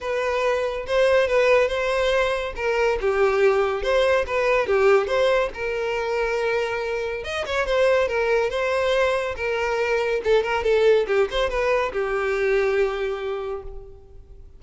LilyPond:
\new Staff \with { instrumentName = "violin" } { \time 4/4 \tempo 4 = 141 b'2 c''4 b'4 | c''2 ais'4 g'4~ | g'4 c''4 b'4 g'4 | c''4 ais'2.~ |
ais'4 dis''8 cis''8 c''4 ais'4 | c''2 ais'2 | a'8 ais'8 a'4 g'8 c''8 b'4 | g'1 | }